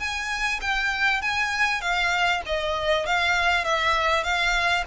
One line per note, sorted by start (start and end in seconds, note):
0.00 0.61 G#5
0.62 1.22 G5
1.22 1.81 G#5
1.81 2.42 F5
2.47 3.07 D#5
3.07 3.64 F5
3.64 4.24 E5
4.24 4.85 F5